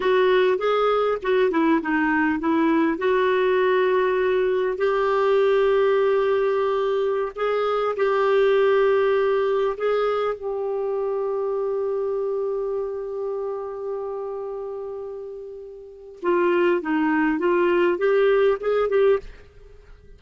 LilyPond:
\new Staff \with { instrumentName = "clarinet" } { \time 4/4 \tempo 4 = 100 fis'4 gis'4 fis'8 e'8 dis'4 | e'4 fis'2. | g'1~ | g'16 gis'4 g'2~ g'8.~ |
g'16 gis'4 g'2~ g'8.~ | g'1~ | g'2. f'4 | dis'4 f'4 g'4 gis'8 g'8 | }